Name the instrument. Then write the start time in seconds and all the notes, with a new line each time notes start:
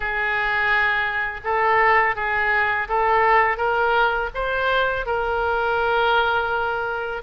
oboe
0.00 G#4
1.44 A4
2.15 G#4
2.88 A4
3.57 A#4
4.34 C5
5.05 A#4